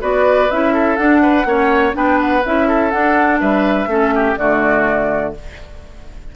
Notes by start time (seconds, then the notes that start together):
0.00 B3 F#4 B4 D5
0.50 C#4 E4 E5
0.73 A4
0.96 D4 F#5
1.22 B4
1.45 A#3 C#4 C#5
1.93 B3 D4 B4 G5
2.20 F#5
2.45 C#4 E4 E5
2.68 A4
2.91 D4 F#5
3.40 G3 B4 E5
3.86 A3 C#4 A4
4.15 G4
4.37 D3 A3 F#4 D5